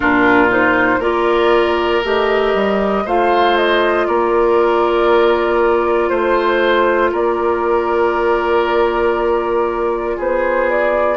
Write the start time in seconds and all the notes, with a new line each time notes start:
0.00 A#2 D4 F4 A#4
0.49 D#4 C5
0.99 A#3 F4 A#4 D5
2.03 A3 G4 D#5
2.54 G3
3.05 A3 F4 C5 F5
3.56 D#5
4.06 A#3 A#4 D5
6.09 A3 C5
7.11 A#3 A#4 D5
10.16 B3 G#4 C5
10.69 D5